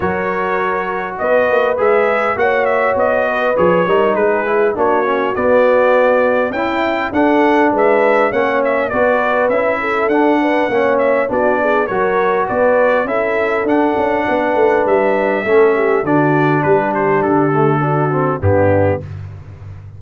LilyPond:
<<
  \new Staff \with { instrumentName = "trumpet" } { \time 4/4 \tempo 4 = 101 cis''2 dis''4 e''4 | fis''8 e''8 dis''4 cis''4 b'4 | cis''4 d''2 g''4 | fis''4 e''4 fis''8 e''8 d''4 |
e''4 fis''4. e''8 d''4 | cis''4 d''4 e''4 fis''4~ | fis''4 e''2 d''4 | b'8 c''8 a'2 g'4 | }
  \new Staff \with { instrumentName = "horn" } { \time 4/4 ais'2 b'2 | cis''4. b'4 ais'8 gis'4 | fis'2. e'4 | a'4 b'4 cis''4 b'4~ |
b'8 a'4 b'8 cis''4 fis'8 gis'8 | ais'4 b'4 a'2 | b'2 a'8 g'8 fis'4 | g'2 fis'4 d'4 | }
  \new Staff \with { instrumentName = "trombone" } { \time 4/4 fis'2. gis'4 | fis'2 gis'8 dis'4 e'8 | d'8 cis'8 b2 e'4 | d'2 cis'4 fis'4 |
e'4 d'4 cis'4 d'4 | fis'2 e'4 d'4~ | d'2 cis'4 d'4~ | d'4. a8 d'8 c'8 b4 | }
  \new Staff \with { instrumentName = "tuba" } { \time 4/4 fis2 b8 ais8 gis4 | ais4 b4 f8 g8 gis4 | ais4 b2 cis'4 | d'4 gis4 ais4 b4 |
cis'4 d'4 ais4 b4 | fis4 b4 cis'4 d'8 cis'8 | b8 a8 g4 a4 d4 | g4 d2 g,4 | }
>>